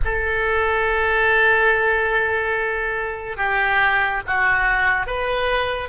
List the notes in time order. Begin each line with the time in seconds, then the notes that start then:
0.04 A4
3.36 G4
4.27 F#4
5.06 B4